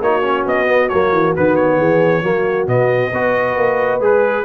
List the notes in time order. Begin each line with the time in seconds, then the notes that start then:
0.00 A#3 D#4 F#4 C#5
0.22 C#4
0.46 B3 D#5
0.66 B3
0.88 F#3 A#3 C#5
1.12 E3
1.36 D#3 B3 B4
1.55 C#5
1.77 E3 G#4
2.22 F#3 A#3 F#4
2.67 B2 B3 D#5
3.12 B3 F#4 B4
3.56 A#3
4.00 G#3 G#4 B4